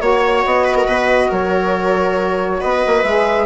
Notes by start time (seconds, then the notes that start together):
0.00 A#3 F#4 C#5
0.45 B3 D#5
0.64 B4
0.76 A#4
0.86 B2 B4
1.28 F#3 A#4 C#5
2.60 B3 B4 D#5
2.87 A#3
3.03 G#3 G#4 E5